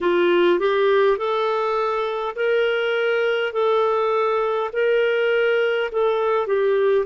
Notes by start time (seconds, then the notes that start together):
0.00 F4
0.59 G4
1.17 A4
2.35 A#4
3.52 A4
4.73 A#4
5.91 A4
6.47 G4